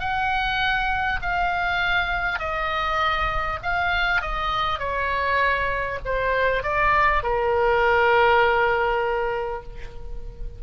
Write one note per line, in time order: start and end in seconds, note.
0.00 1.20 F#5
1.22 2.39 F5
2.39 3.59 D#5
3.63 4.22 F5
4.22 4.79 D#5
4.79 5.99 C#5
6.05 6.63 C5
6.63 7.23 D5
7.23 9.63 A#4